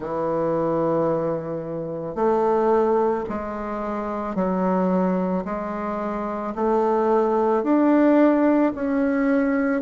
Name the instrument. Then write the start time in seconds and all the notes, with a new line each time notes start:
bassoon
0.00 E3
2.15 A3
3.29 G#3
4.35 F#3
5.44 G#3
6.55 A3
7.63 D4
8.74 C#4